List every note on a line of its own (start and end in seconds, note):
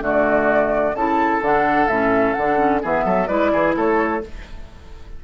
0.00 0.94 D3
0.00 0.93 A3
0.00 0.96 F#4
0.00 0.95 D5
0.94 1.41 C#3
0.94 1.42 E4
0.94 2.82 A4
0.94 1.42 A5
1.41 1.87 D3
1.41 1.88 D4
1.41 1.88 F#5
1.87 2.34 A2
1.87 2.37 C#4
1.87 2.33 E5
2.33 2.84 D3
2.33 2.79 F#5
2.40 2.57 D4
2.57 2.80 C#4
2.82 3.05 E3
2.82 3.28 B3
2.82 3.04 G#4
2.82 3.27 E5
3.04 3.28 F#3
3.04 3.27 A4
3.27 3.52 G#3
3.27 4.21 E4
3.27 3.51 B4
3.27 3.73 D5
3.52 3.76 E3
3.52 3.75 G#4
3.76 4.23 A3
3.76 4.22 A4
3.76 4.24 C#5